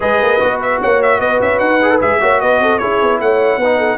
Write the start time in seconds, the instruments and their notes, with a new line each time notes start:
0.00 tuba G#3, trombone G#4, horn B4, trumpet D#5
0.21 tuba A#3
0.39 tuba B3, trombone F#4
0.61 trumpet E5
0.80 tuba A#3, horn C#5, trumpet F#5
1.02 trumpet E5
1.19 tuba B3, horn B4, trumpet D#5
1.41 tuba C#4, trumpet E5
1.58 tuba D#4, trumpet F#5
1.82 trombone G#4
1.90 trombone A4
2.01 tuba G#3, trombone G#4, trumpet E5
2.20 tuba A#3, trombone F#4, horn C#5
2.40 tuba B3, horn B4, trumpet D#5
2.59 tuba C4, horn A4
2.78 tuba C#4, trombone E4, horn G#4, trumpet C#5
3.02 tuba B3
3.20 tuba A3, horn C#5, trumpet F#5
3.57 tuba B3, horn B4
3.63 trombone D#4
3.77 horn A4